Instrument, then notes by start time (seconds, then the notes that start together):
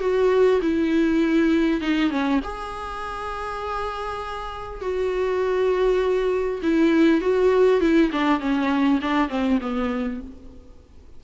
viola
0.00 F#4
0.62 E4
1.81 D#4
2.10 C#4
2.44 G#4
4.81 F#4
6.62 E4
7.21 F#4
7.81 E4
8.12 D4
8.40 C#4
9.01 D4
9.29 C4
9.61 B3